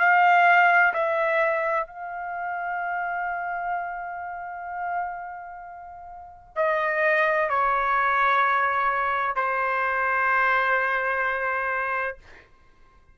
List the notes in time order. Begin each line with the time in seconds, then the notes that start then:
0.00 F5
0.94 E5
1.87 F5
6.56 D#5
7.50 C#5
9.37 C5